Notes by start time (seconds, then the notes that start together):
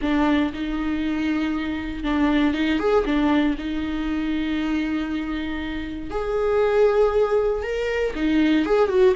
0.01 D4
0.53 D#4
2.03 D4
2.53 D#4
2.79 G#4
3.05 D4
3.57 D#4
6.10 G#4
7.62 A#4
8.15 D#4
8.65 G#4
8.88 F#4